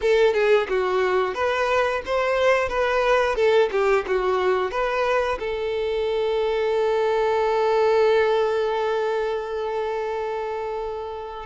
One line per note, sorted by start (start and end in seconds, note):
0.01 0.33 A4
0.33 0.67 G#4
0.68 1.34 F#4
1.34 2.01 B4
2.05 2.68 C5
2.68 3.35 B4
3.35 3.69 A4
3.71 4.05 G4
4.07 4.71 F#4
4.71 5.38 B4
5.39 11.46 A4